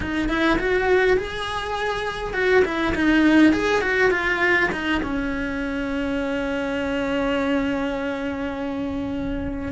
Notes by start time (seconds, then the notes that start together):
0.00 D#4
0.29 E4
0.59 F#4
1.17 G#4
2.33 F#4
2.64 E4
2.94 D#4
3.53 G#4
3.81 F#4
4.10 F4
4.72 D#4
5.02 C#4